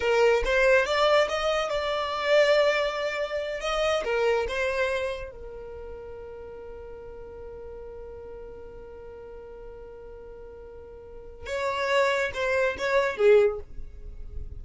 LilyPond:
\new Staff \with { instrumentName = "violin" } { \time 4/4 \tempo 4 = 141 ais'4 c''4 d''4 dis''4 | d''1~ | d''8 dis''4 ais'4 c''4.~ | c''8 ais'2.~ ais'8~ |
ais'1~ | ais'1~ | ais'2. cis''4~ | cis''4 c''4 cis''4 gis'4 | }